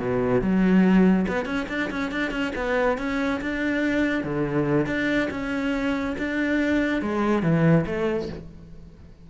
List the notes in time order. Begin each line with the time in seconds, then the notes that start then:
0.00 B2
0.42 F#3
1.28 B3
1.45 C#4
1.69 D4
1.91 C#4
2.12 D4
2.31 C#4
2.56 B3
2.98 C#4
3.41 D4
4.24 D3
4.86 D4
5.31 C#4
6.19 D4
7.02 G#3
7.43 E3
7.86 A3